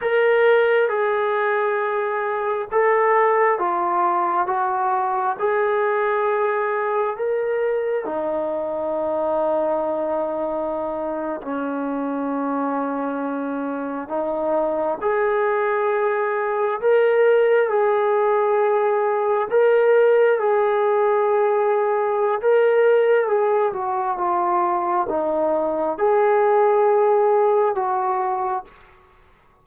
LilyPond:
\new Staff \with { instrumentName = "trombone" } { \time 4/4 \tempo 4 = 67 ais'4 gis'2 a'4 | f'4 fis'4 gis'2 | ais'4 dis'2.~ | dis'8. cis'2. dis'16~ |
dis'8. gis'2 ais'4 gis'16~ | gis'4.~ gis'16 ais'4 gis'4~ gis'16~ | gis'4 ais'4 gis'8 fis'8 f'4 | dis'4 gis'2 fis'4 | }